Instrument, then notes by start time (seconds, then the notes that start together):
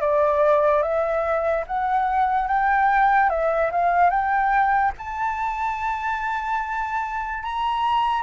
flute
0.00 D5
0.82 E5
1.66 F#5
2.47 G5
3.30 E5
3.71 F5
4.10 G5
4.98 A5
7.43 A#5